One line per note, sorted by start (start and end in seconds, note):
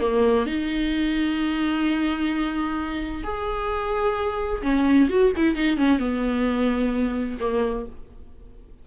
0.00 0.46 A#3
0.46 3.23 D#4
3.24 4.62 G#4
4.62 5.09 C#4
5.09 5.32 F#4
5.36 5.55 E4
5.55 5.77 D#4
5.77 6.00 C#4
6.00 7.38 B3
7.40 7.86 A#3